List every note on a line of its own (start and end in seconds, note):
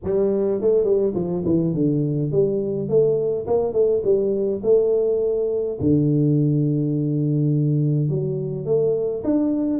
0.03 0.61 G3
0.61 0.84 A3
0.84 1.13 G3
1.14 1.43 F3
1.45 1.74 E3
1.74 2.31 D3
2.31 2.88 G3
2.88 3.46 A3
3.46 3.73 A#3
3.73 4.01 A3
4.04 4.61 G3
4.63 5.78 A3
5.80 8.09 D3
8.09 8.65 F#3
8.65 9.23 A3
9.24 9.79 D4